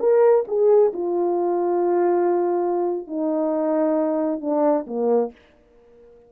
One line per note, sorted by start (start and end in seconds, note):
0.00 0.45 A#4
0.48 0.93 G#4
0.93 3.08 F4
3.08 4.41 D#4
4.41 4.86 D4
4.87 5.32 A#3